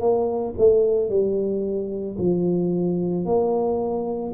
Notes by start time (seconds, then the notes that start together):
0.00 A#3
0.57 A3
1.10 G3
2.18 F3
3.25 A#3